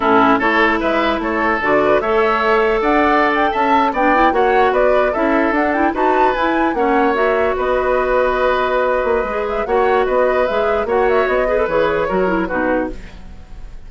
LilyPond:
<<
  \new Staff \with { instrumentName = "flute" } { \time 4/4 \tempo 4 = 149 a'4 cis''4 e''4 cis''4 | d''4 e''2 fis''4~ | fis''16 g''8 a''4 g''4 fis''4 d''16~ | d''8. e''4 fis''8 g''8 a''4 gis''16~ |
gis''8. fis''4 e''4 dis''4~ dis''16~ | dis''2.~ dis''8 e''8 | fis''4 dis''4 e''4 fis''8 e''8 | dis''4 cis''2 b'4 | }
  \new Staff \with { instrumentName = "oboe" } { \time 4/4 e'4 a'4 b'4 a'4~ | a'8 b'8 cis''2 d''4~ | d''8. e''4 d''4 cis''4 b'16~ | b'8. a'2 b'4~ b'16~ |
b'8. cis''2 b'4~ b'16~ | b'1 | cis''4 b'2 cis''4~ | cis''8 b'4. ais'4 fis'4 | }
  \new Staff \with { instrumentName = "clarinet" } { \time 4/4 cis'4 e'2. | fis'4 a'2.~ | a'4.~ a'16 d'8 e'8 fis'4~ fis'16~ | fis'8. e'4 d'8 e'8 fis'4 e'16~ |
e'8. cis'4 fis'2~ fis'16~ | fis'2. gis'4 | fis'2 gis'4 fis'4~ | fis'8 gis'16 a'16 gis'4 fis'8 e'8 dis'4 | }
  \new Staff \with { instrumentName = "bassoon" } { \time 4/4 a,4 a4 gis4 a4 | d4 a2 d'4~ | d'8. cis'4 b4 ais4 b16~ | b8. cis'4 d'4 dis'4 e'16~ |
e'8. ais2 b4~ b16~ | b2~ b8 ais8 gis4 | ais4 b4 gis4 ais4 | b4 e4 fis4 b,4 | }
>>